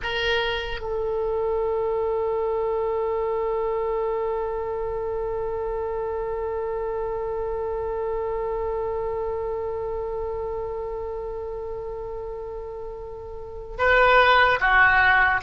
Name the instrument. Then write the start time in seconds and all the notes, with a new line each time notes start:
oboe
0.02 A#4
0.80 A4
13.78 B4
14.59 F#4